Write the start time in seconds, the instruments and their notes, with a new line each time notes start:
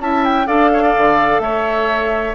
0.00 bassoon C#4, clarinet E4, oboe E5, flute A5
0.25 flute G5
0.46 bassoon D4, clarinet A4, oboe D5, flute F5
0.74 oboe C#5
0.83 oboe D5
0.97 bassoon D3
1.40 bassoon A3, oboe C#5, flute E5